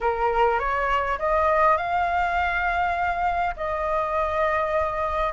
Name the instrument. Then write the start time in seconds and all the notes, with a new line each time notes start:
flute
0.00 A#4
0.59 C#5
1.19 D#5
1.77 F5
3.56 D#5